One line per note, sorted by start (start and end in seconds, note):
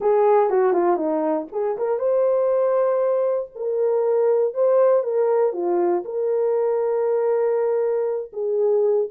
0.00 0.50 G#4
0.50 0.72 F#4
0.72 0.96 F4
0.96 1.46 D#4
1.52 1.77 G#4
1.77 1.98 A#4
1.98 3.50 C5
3.55 4.54 A#4
4.54 5.03 C5
5.03 5.53 A#4
5.53 6.03 F4
6.04 8.31 A#4
8.32 9.08 G#4